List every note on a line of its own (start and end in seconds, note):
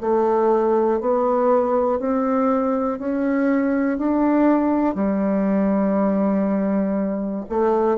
0.00 1.00 A3
1.00 1.99 B3
1.99 2.99 C4
2.99 3.98 C#4
3.98 4.95 D4
4.95 7.45 G3
7.49 7.97 A3